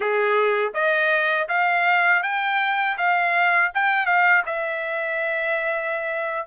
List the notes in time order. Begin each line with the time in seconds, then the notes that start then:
0.00 G#4
0.74 D#5
1.48 F5
2.23 G5
2.97 F5
3.74 G5
4.05 F5
4.45 E5